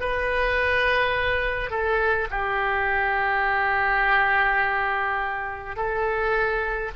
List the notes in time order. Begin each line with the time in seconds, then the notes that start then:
0.00 B4
1.70 A4
2.30 G4
5.76 A4